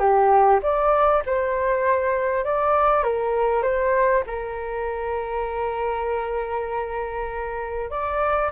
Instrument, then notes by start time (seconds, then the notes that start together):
flute
0.00 G4
0.63 D5
1.26 C5
2.45 D5
3.04 A#4
3.63 C5
4.27 A#4
7.91 D5